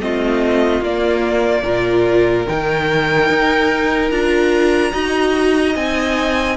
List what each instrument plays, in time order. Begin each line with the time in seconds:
0.00 cello A3, viola C4, violin F4 D#5
0.81 cello A#3, viola A#3, violin D5
1.63 cello A#2, viola F4, violin A#4
2.48 cello D#3, viola D#4, violin G5
3.30 cello D#4
4.11 cello D4, viola F4, violin A#5
4.93 cello D#4, viola F#4, violin D#5
5.76 cello C4, viola D#4, violin G#5